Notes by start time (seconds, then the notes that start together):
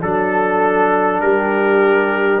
0.00 F#3 D4 A4
1.20 G3 G4 A#4